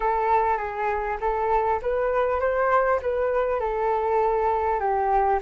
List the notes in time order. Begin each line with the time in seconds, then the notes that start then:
0.00 A4
0.57 G#4
1.20 A4
1.82 B4
2.39 C5
3.02 B4
3.59 A4
4.79 G4